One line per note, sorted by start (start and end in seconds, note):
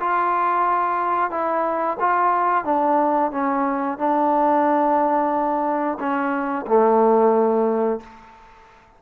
0.00 1.31 F4
1.31 1.98 E4
2.00 2.65 F4
2.65 3.32 D4
3.32 3.98 C#4
3.99 5.99 D4
6.00 6.66 C#4
6.68 8.01 A3